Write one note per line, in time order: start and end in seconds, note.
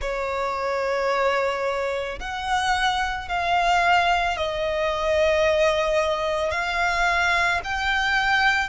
0.00 2.19 C#5
2.19 3.28 F#5
3.28 4.36 F5
4.36 6.51 D#5
6.51 7.60 F5
7.64 8.68 G5